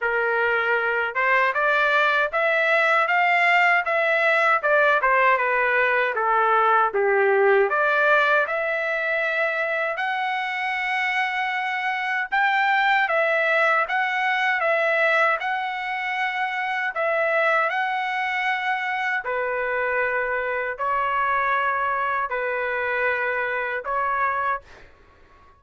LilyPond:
\new Staff \with { instrumentName = "trumpet" } { \time 4/4 \tempo 4 = 78 ais'4. c''8 d''4 e''4 | f''4 e''4 d''8 c''8 b'4 | a'4 g'4 d''4 e''4~ | e''4 fis''2. |
g''4 e''4 fis''4 e''4 | fis''2 e''4 fis''4~ | fis''4 b'2 cis''4~ | cis''4 b'2 cis''4 | }